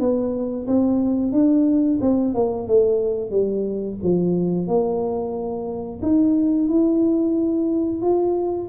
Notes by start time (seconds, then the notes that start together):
0.00 B3
0.67 C4
1.32 D4
2.01 C4
2.34 A#3
2.68 A3
3.31 G3
4.03 F3
4.67 A#3
6.02 D#4
6.68 E4
8.02 F4